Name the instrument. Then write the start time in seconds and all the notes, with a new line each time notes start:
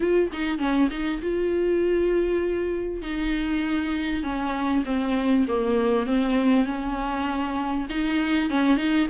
viola
0.00 F4
0.32 D#4
0.58 C#4
0.90 D#4
1.21 F4
3.02 D#4
4.23 C#4
4.85 C4
5.47 A#3
6.06 C4
6.65 C#4
7.90 D#4
8.50 C#4
8.76 D#4